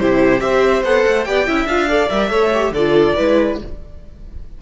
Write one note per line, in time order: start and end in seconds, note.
0.00 0.42 C3
0.00 0.40 E4
0.00 0.43 G4
0.00 0.40 C5
0.40 0.84 C4
0.40 0.83 G4
0.40 1.28 C5
0.40 0.83 E5
0.84 1.05 B3
0.84 1.26 A4
0.84 1.25 F#5
1.07 1.27 A3
1.25 1.48 B3
1.25 1.47 G4
1.25 1.48 D5
1.25 1.67 G5
1.47 1.66 C#4
1.47 1.68 E4
1.47 1.89 E5
1.66 2.08 D4
1.66 1.89 F4
1.66 2.09 F5
1.89 2.10 A4
1.89 2.31 D5
2.09 2.30 G3
2.09 2.30 A#4
2.09 2.73 E5
2.30 2.72 A3
2.30 2.51 A4
2.30 2.73 C#5
2.54 2.75 G4
2.72 3.14 D3
2.72 3.18 F4
2.72 3.16 A4
2.72 3.59 D5
3.16 3.62 G#3
3.16 3.60 E4
3.16 3.58 B4